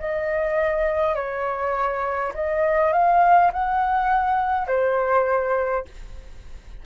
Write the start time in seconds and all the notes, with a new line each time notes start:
0.00 D#5
1.16 C#5
2.35 D#5
2.93 F5
3.53 F#5
4.68 C5